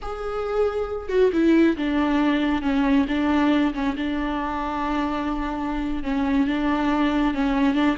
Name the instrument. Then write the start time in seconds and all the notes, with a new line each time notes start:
viola
0.01 G#4
1.08 F#4
1.32 E4
1.76 D4
2.62 C#4
3.08 D4
3.73 C#4
3.97 D4
6.03 C#4
6.47 D4
7.34 C#4
7.74 D4